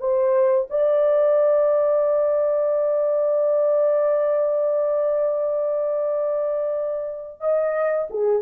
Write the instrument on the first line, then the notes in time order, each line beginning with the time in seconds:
horn
0.00 C5
0.70 D5
7.40 D#5
8.10 G#4